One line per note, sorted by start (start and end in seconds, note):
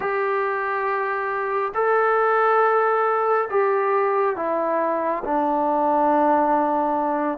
0.00 1.72 G4
1.74 3.48 A4
3.50 4.36 G4
4.36 5.23 E4
5.24 7.38 D4